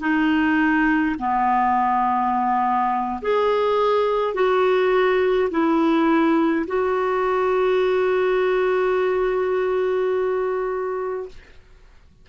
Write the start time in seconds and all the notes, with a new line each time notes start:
0.00 D#4
1.19 B3
3.22 G#4
4.34 F#4
5.51 E4
6.67 F#4